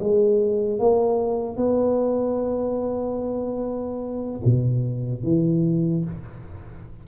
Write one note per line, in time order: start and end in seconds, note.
0.00 0.79 G#3
0.79 1.57 A#3
1.57 4.41 B3
4.45 5.24 B2
5.24 6.05 E3